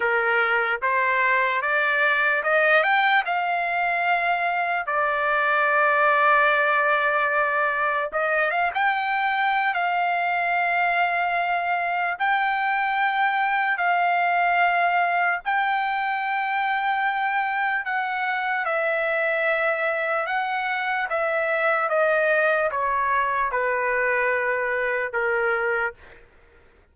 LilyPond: \new Staff \with { instrumentName = "trumpet" } { \time 4/4 \tempo 4 = 74 ais'4 c''4 d''4 dis''8 g''8 | f''2 d''2~ | d''2 dis''8 f''16 g''4~ g''16 | f''2. g''4~ |
g''4 f''2 g''4~ | g''2 fis''4 e''4~ | e''4 fis''4 e''4 dis''4 | cis''4 b'2 ais'4 | }